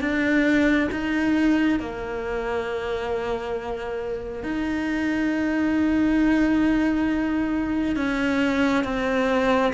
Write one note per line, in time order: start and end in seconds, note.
0.00 0.88 D4
0.91 1.79 D#4
1.79 4.43 A#3
4.43 7.96 D#4
7.96 8.84 C#4
8.84 9.72 C4